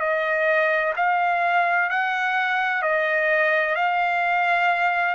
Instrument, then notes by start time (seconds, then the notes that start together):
trumpet
0.00 D#5
0.97 F5
1.90 F#5
2.83 D#5
3.76 F5